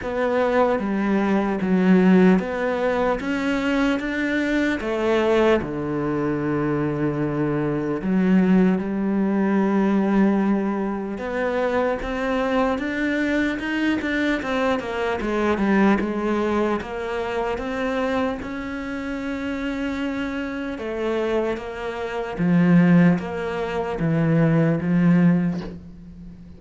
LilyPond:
\new Staff \with { instrumentName = "cello" } { \time 4/4 \tempo 4 = 75 b4 g4 fis4 b4 | cis'4 d'4 a4 d4~ | d2 fis4 g4~ | g2 b4 c'4 |
d'4 dis'8 d'8 c'8 ais8 gis8 g8 | gis4 ais4 c'4 cis'4~ | cis'2 a4 ais4 | f4 ais4 e4 f4 | }